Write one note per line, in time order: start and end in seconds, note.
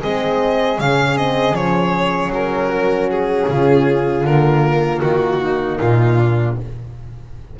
0.00 0.79 G#3
0.00 0.79 C4
0.00 2.69 G#4
0.00 0.79 D#5
0.79 1.52 C#3
0.79 1.16 C#4
0.79 1.17 F5
1.16 1.54 C4
1.16 1.54 D#5
1.52 2.28 F3
1.52 4.24 C#4
1.52 2.31 C#5
2.28 3.43 F#3
2.28 3.10 A#4
2.69 3.46 F#4
3.10 4.26 G#4
3.48 4.24 C#3
3.48 5.42 F4
4.24 5.00 D3
4.24 6.59 A#3
4.24 5.01 A#4
5.01 5.79 D#3
5.01 5.78 F#4
5.42 6.18 D#4
5.80 6.57 A#2
5.80 6.57 F4
6.18 6.56 D4